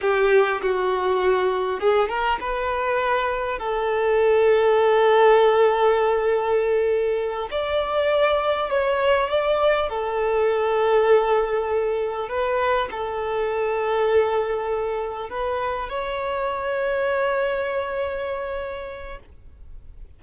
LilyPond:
\new Staff \with { instrumentName = "violin" } { \time 4/4 \tempo 4 = 100 g'4 fis'2 gis'8 ais'8 | b'2 a'2~ | a'1~ | a'8 d''2 cis''4 d''8~ |
d''8 a'2.~ a'8~ | a'8 b'4 a'2~ a'8~ | a'4. b'4 cis''4.~ | cis''1 | }